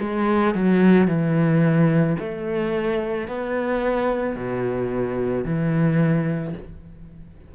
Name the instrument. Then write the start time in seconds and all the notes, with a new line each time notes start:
cello
0.00 G#3
0.55 F#3
1.08 E3
2.19 A3
3.28 B3
4.36 B2
5.45 E3